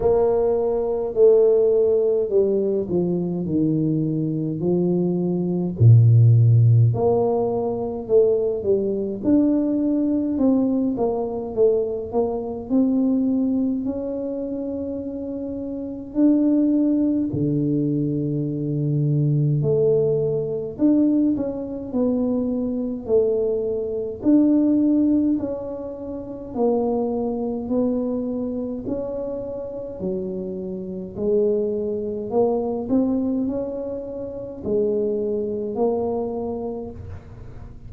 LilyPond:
\new Staff \with { instrumentName = "tuba" } { \time 4/4 \tempo 4 = 52 ais4 a4 g8 f8 dis4 | f4 ais,4 ais4 a8 g8 | d'4 c'8 ais8 a8 ais8 c'4 | cis'2 d'4 d4~ |
d4 a4 d'8 cis'8 b4 | a4 d'4 cis'4 ais4 | b4 cis'4 fis4 gis4 | ais8 c'8 cis'4 gis4 ais4 | }